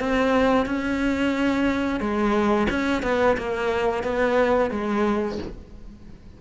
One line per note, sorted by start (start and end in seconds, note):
0.00 0.66 C4
0.66 2.00 C#4
2.00 2.68 G#3
2.70 3.03 C#4
3.03 3.37 B3
3.38 4.04 A#3
4.04 4.71 B3
4.71 5.38 G#3